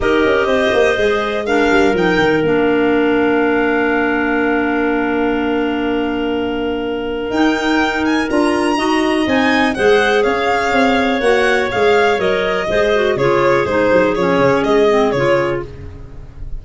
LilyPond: <<
  \new Staff \with { instrumentName = "violin" } { \time 4/4 \tempo 4 = 123 dis''2. f''4 | g''4 f''2.~ | f''1~ | f''2. g''4~ |
g''8 gis''8 ais''2 gis''4 | fis''4 f''2 fis''4 | f''4 dis''2 cis''4 | c''4 cis''4 dis''4 cis''4 | }
  \new Staff \with { instrumentName = "clarinet" } { \time 4/4 ais'4 c''2 ais'4~ | ais'1~ | ais'1~ | ais'1~ |
ais'2 dis''2 | c''4 cis''2.~ | cis''2 c''4 gis'4~ | gis'1 | }
  \new Staff \with { instrumentName = "clarinet" } { \time 4/4 g'2 gis'4 d'4 | dis'4 d'2.~ | d'1~ | d'2. dis'4~ |
dis'4 f'4 fis'4 dis'4 | gis'2. fis'4 | gis'4 ais'4 gis'8 fis'8 f'4 | dis'4 cis'4. c'8 f'4 | }
  \new Staff \with { instrumentName = "tuba" } { \time 4/4 dis'8 cis'8 c'8 ais8 gis4. g8 | f8 dis8 ais2.~ | ais1~ | ais2. dis'4~ |
dis'4 d'4 dis'4 c'4 | gis4 cis'4 c'4 ais4 | gis4 fis4 gis4 cis4 | gis8 fis8 f8 cis8 gis4 cis4 | }
>>